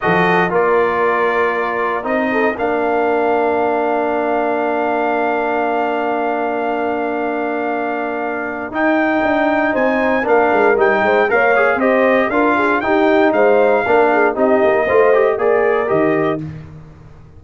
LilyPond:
<<
  \new Staff \with { instrumentName = "trumpet" } { \time 4/4 \tempo 4 = 117 dis''4 d''2. | dis''4 f''2.~ | f''1~ | f''1~ |
f''4 g''2 gis''4 | f''4 g''4 f''4 dis''4 | f''4 g''4 f''2 | dis''2 d''4 dis''4 | }
  \new Staff \with { instrumentName = "horn" } { \time 4/4 a'4 ais'2.~ | ais'8 a'8 ais'2.~ | ais'1~ | ais'1~ |
ais'2. c''4 | ais'4. c''8 cis''4 c''4 | ais'8 gis'8 g'4 c''4 ais'8 gis'8 | g'4 c''4 ais'2 | }
  \new Staff \with { instrumentName = "trombone" } { \time 4/4 fis'4 f'2. | dis'4 d'2.~ | d'1~ | d'1~ |
d'4 dis'2. | d'4 dis'4 ais'8 gis'8 g'4 | f'4 dis'2 d'4 | dis'4 f'8 g'8 gis'4 g'4 | }
  \new Staff \with { instrumentName = "tuba" } { \time 4/4 f4 ais2. | c'4 ais2.~ | ais1~ | ais1~ |
ais4 dis'4 d'4 c'4 | ais8 gis8 g8 gis8 ais4 c'4 | d'4 dis'4 gis4 ais4 | c'8 ais8 a4 ais4 dis4 | }
>>